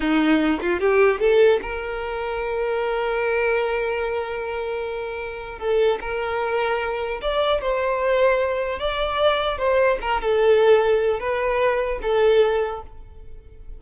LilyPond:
\new Staff \with { instrumentName = "violin" } { \time 4/4 \tempo 4 = 150 dis'4. f'8 g'4 a'4 | ais'1~ | ais'1~ | ais'2 a'4 ais'4~ |
ais'2 d''4 c''4~ | c''2 d''2 | c''4 ais'8 a'2~ a'8 | b'2 a'2 | }